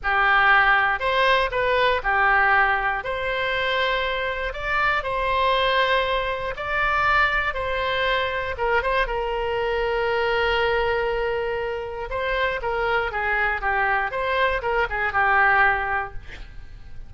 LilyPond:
\new Staff \with { instrumentName = "oboe" } { \time 4/4 \tempo 4 = 119 g'2 c''4 b'4 | g'2 c''2~ | c''4 d''4 c''2~ | c''4 d''2 c''4~ |
c''4 ais'8 c''8 ais'2~ | ais'1 | c''4 ais'4 gis'4 g'4 | c''4 ais'8 gis'8 g'2 | }